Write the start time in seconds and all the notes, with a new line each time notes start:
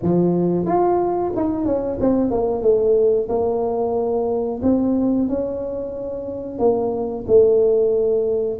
0.02 F3
0.66 F4
1.35 D#4
1.65 C#4
2.00 C4
2.30 A#3
2.62 A3
3.28 A#3
4.62 C4
5.28 C#4
6.58 A#3
7.27 A3